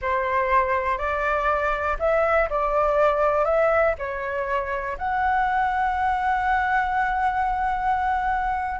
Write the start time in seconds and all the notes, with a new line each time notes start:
0.01 C5
0.98 D5
1.99 E5
2.49 D5
3.44 E5
3.98 C#5
4.97 F#5